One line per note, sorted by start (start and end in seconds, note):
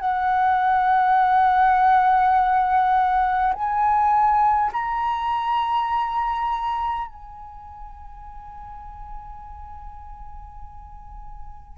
0.00 3.53 F#5
3.53 4.71 G#5
4.73 7.07 A#5
7.07 11.78 G#5